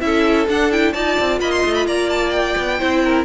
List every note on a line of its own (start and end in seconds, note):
0.00 0.47 C#4
0.00 0.46 E4
0.00 0.93 A4
0.00 0.46 E5
0.48 0.94 D4
0.48 0.71 D4
0.48 0.72 F#5
0.71 0.94 E4
0.71 0.93 G5
0.93 1.18 D#4
0.93 2.79 F4
0.93 1.39 D5
0.93 1.39 A5
1.19 1.40 C4
1.40 1.63 A#3
1.40 1.87 D#5
1.40 1.51 B5
1.51 1.74 C6
1.65 1.86 A3
1.75 1.86 B5
1.86 2.56 A#3
1.86 2.79 D5
1.86 2.10 A#5
2.10 2.30 A5
2.30 3.22 G5
2.57 2.80 B3
2.79 3.25 C4
2.79 3.25 E4
2.79 3.02 C5
3.04 3.25 A#4